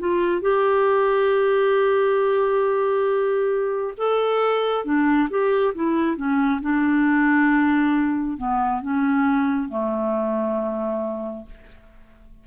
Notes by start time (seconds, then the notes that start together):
0.00 F4
0.42 G4
3.98 A4
4.85 D4
5.30 G4
5.75 E4
6.17 C#4
6.62 D4
8.38 B3
8.82 C#4
9.69 A3